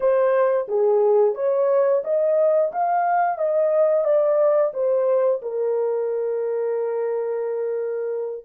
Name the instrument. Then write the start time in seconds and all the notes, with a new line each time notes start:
horn
0.00 C5
0.67 G#4
1.35 C#5
2.04 D#5
2.72 F5
3.38 D#5
4.04 D5
4.73 C5
5.41 A#4